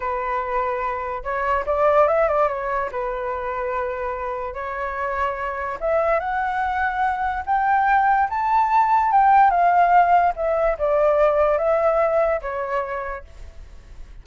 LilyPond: \new Staff \with { instrumentName = "flute" } { \time 4/4 \tempo 4 = 145 b'2. cis''4 | d''4 e''8 d''8 cis''4 b'4~ | b'2. cis''4~ | cis''2 e''4 fis''4~ |
fis''2 g''2 | a''2 g''4 f''4~ | f''4 e''4 d''2 | e''2 cis''2 | }